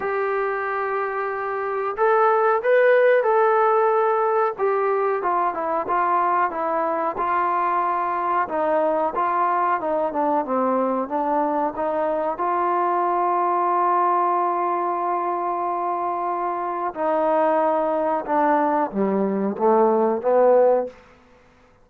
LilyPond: \new Staff \with { instrumentName = "trombone" } { \time 4/4 \tempo 4 = 92 g'2. a'4 | b'4 a'2 g'4 | f'8 e'8 f'4 e'4 f'4~ | f'4 dis'4 f'4 dis'8 d'8 |
c'4 d'4 dis'4 f'4~ | f'1~ | f'2 dis'2 | d'4 g4 a4 b4 | }